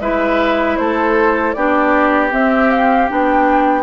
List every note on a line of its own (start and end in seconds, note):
0.00 0.77 G#3
0.00 1.55 E4
0.00 0.78 B4
0.00 0.76 E5
0.76 1.55 A3
0.76 1.56 A4
0.76 1.53 C5
1.53 2.32 B3
1.53 2.30 D4
1.53 3.83 G4
1.53 2.30 D5
2.30 3.07 C4
2.30 3.09 C4
2.30 2.71 E5
2.71 3.09 F5
3.08 3.83 B3
3.08 3.83 D4
3.08 3.83 G5